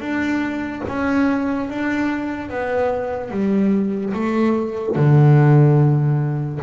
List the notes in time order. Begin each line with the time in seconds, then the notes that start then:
0.00 D4
0.88 C#4
1.70 D4
2.50 B3
3.31 G3
4.14 A3
4.96 D3